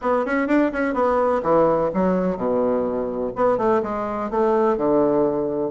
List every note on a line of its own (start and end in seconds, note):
0.01 0.25 B3
0.25 0.47 C#4
0.47 0.71 D4
0.72 0.94 C#4
0.94 1.41 B3
1.42 1.90 E3
1.94 2.37 F#3
2.37 3.32 B2
3.35 3.57 B3
3.57 3.81 A3
3.82 4.30 G#3
4.30 4.77 A3
4.77 5.71 D3